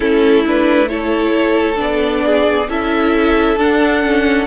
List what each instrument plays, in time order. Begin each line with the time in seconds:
0.00 cello A3, viola C#4, violin E4 A4
0.46 viola D4, violin B4
0.88 viola E4, violin A4 C#5
1.76 cello B3, viola D4, violin D5
2.25 violin G#4
2.68 cello C#4, viola E4, violin A4 E5
3.57 cello D4, viola D4, violin F#5
4.02 viola C#4